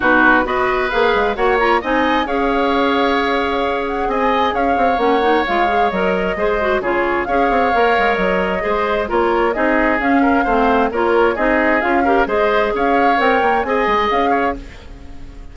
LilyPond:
<<
  \new Staff \with { instrumentName = "flute" } { \time 4/4 \tempo 4 = 132 b'4 dis''4 f''4 fis''8 ais''8 | gis''4 f''2.~ | f''8 fis''8 gis''4 f''4 fis''4 | f''4 dis''2 cis''4 |
f''2 dis''2 | cis''4 dis''4 f''2 | cis''4 dis''4 f''4 dis''4 | f''4 g''4 gis''4 f''4 | }
  \new Staff \with { instrumentName = "oboe" } { \time 4/4 fis'4 b'2 cis''4 | dis''4 cis''2.~ | cis''4 dis''4 cis''2~ | cis''2 c''4 gis'4 |
cis''2. c''4 | ais'4 gis'4. ais'8 c''4 | ais'4 gis'4. ais'8 c''4 | cis''2 dis''4. cis''8 | }
  \new Staff \with { instrumentName = "clarinet" } { \time 4/4 dis'4 fis'4 gis'4 fis'8 f'8 | dis'4 gis'2.~ | gis'2. cis'8 dis'8 | f'8 gis'8 ais'4 gis'8 fis'8 f'4 |
gis'4 ais'2 gis'4 | f'4 dis'4 cis'4 c'4 | f'4 dis'4 f'8 g'8 gis'4~ | gis'4 ais'4 gis'2 | }
  \new Staff \with { instrumentName = "bassoon" } { \time 4/4 b,4 b4 ais8 gis8 ais4 | c'4 cis'2.~ | cis'4 c'4 cis'8 c'8 ais4 | gis4 fis4 gis4 cis4 |
cis'8 c'8 ais8 gis8 fis4 gis4 | ais4 c'4 cis'4 a4 | ais4 c'4 cis'4 gis4 | cis'4 c'8 ais8 c'8 gis8 cis'4 | }
>>